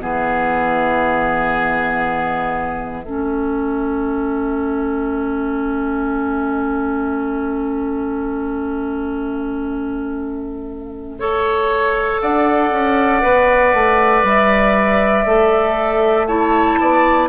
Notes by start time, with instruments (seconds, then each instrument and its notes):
0.00 bassoon E3, clarinet B3, oboe G#4, flute E5
3.05 bassoon A3, clarinet C#4, oboe A4
11.19 clarinet A4, oboe C#5
12.22 bassoon D4, oboe D5, flute F#5
12.72 bassoon C#4
13.21 bassoon B3, clarinet B4
13.74 bassoon A3
14.23 bassoon G3, flute E5
15.26 bassoon A3, clarinet A4
16.27 clarinet E4, oboe C#5, flute A5
16.80 bassoon B3, oboe D5